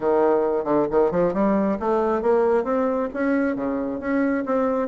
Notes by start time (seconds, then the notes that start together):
0.00 D#3
0.64 D3
0.91 D#3
1.11 F3
1.33 G3
1.79 A3
2.21 A#3
2.64 C4
3.13 C#4
3.55 C#3
4.00 C#4
4.45 C4